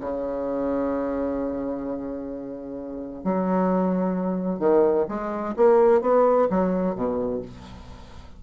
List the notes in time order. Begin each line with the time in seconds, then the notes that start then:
0.00 C#3
3.24 F#3
4.59 D#3
5.08 G#3
5.56 A#3
6.01 B3
6.50 F#3
6.95 B2